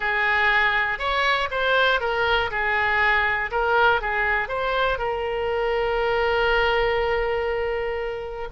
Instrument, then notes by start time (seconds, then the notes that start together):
oboe
0.00 G#4
0.99 C#5
1.50 C5
2.00 A#4
2.50 G#4
3.51 A#4
4.01 G#4
4.48 C5
4.98 A#4